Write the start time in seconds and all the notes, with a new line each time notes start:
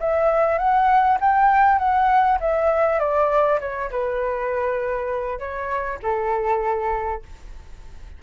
0.00 E5
0.58 F#5
1.21 G5
1.79 F#5
2.40 E5
2.99 D5
3.60 C#5
3.91 B4
5.39 C#5
6.03 A4